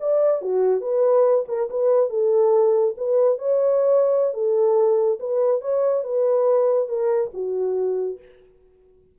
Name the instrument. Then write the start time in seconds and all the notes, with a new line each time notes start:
horn
0.00 D5
0.42 F#4
0.81 B4
1.48 A#4
1.70 B4
2.10 A4
2.97 B4
3.39 C#5
4.34 A4
5.20 B4
5.61 C#5
6.04 B4
6.88 A#4
7.34 F#4